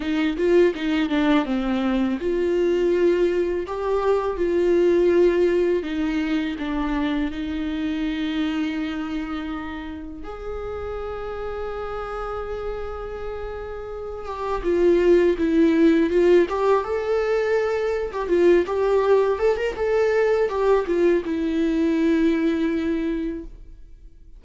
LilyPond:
\new Staff \with { instrumentName = "viola" } { \time 4/4 \tempo 4 = 82 dis'8 f'8 dis'8 d'8 c'4 f'4~ | f'4 g'4 f'2 | dis'4 d'4 dis'2~ | dis'2 gis'2~ |
gis'2.~ gis'8 g'8 | f'4 e'4 f'8 g'8 a'4~ | a'8. g'16 f'8 g'4 a'16 ais'16 a'4 | g'8 f'8 e'2. | }